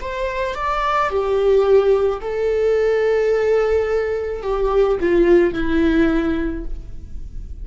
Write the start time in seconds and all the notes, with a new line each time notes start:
0.00 C5
0.55 D5
1.09 G4
2.21 A4
4.42 G4
4.99 F4
5.54 E4